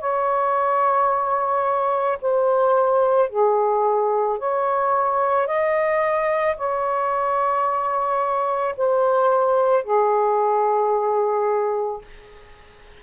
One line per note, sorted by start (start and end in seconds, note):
0.00 2.18 C#5
2.22 3.30 C5
3.30 4.39 G#4
4.39 5.47 C#5
5.47 6.57 D#5
6.57 8.75 C#5
8.77 9.84 C5
9.84 12.02 G#4